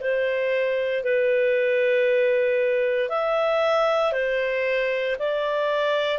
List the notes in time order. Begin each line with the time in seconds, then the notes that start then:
0.00 C5
1.03 B4
3.08 E5
4.12 C5
5.19 D5